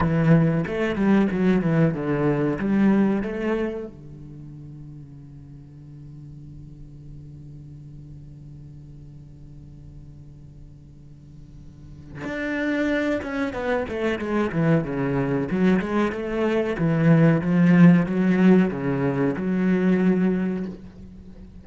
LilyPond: \new Staff \with { instrumentName = "cello" } { \time 4/4 \tempo 4 = 93 e4 a8 g8 fis8 e8 d4 | g4 a4 d2~ | d1~ | d1~ |
d2. d'4~ | d'8 cis'8 b8 a8 gis8 e8 cis4 | fis8 gis8 a4 e4 f4 | fis4 cis4 fis2 | }